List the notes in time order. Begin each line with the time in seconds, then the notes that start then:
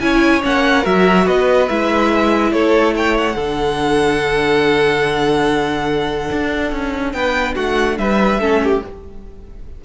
0.00 C#4 E4 C#5 G#5
0.41 A#3 C#4 F#5
0.82 F#3 F#4 A#4 E5
1.25 B3 B4 D#5
1.68 G#3 E4 E5
2.51 A3 A4 C#5
2.96 C#5 G5
3.17 F#5
3.35 D3 D4 A4
6.32 D4
6.72 C#4
7.12 B3 B4 G5
7.55 A3 F#4 F#5
7.98 G3 B4 E5
8.39 A3 C#4 A4
8.63 G4